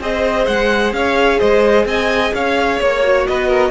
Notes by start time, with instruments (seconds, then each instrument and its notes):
0.00 cello C4, viola G#4, violin C5 D#5
0.46 cello G#3, violin F#5
0.92 cello C#4, violin C#5 F5
1.39 cello G#3, violin C5 D#5
1.85 cello C4, violin D#5 G#5
2.33 cello C#4, violin C#5 F5
2.80 cello A#3, violin C#5
3.03 viola F#4
3.27 cello B3, violin B4 D#5
3.47 violin A#4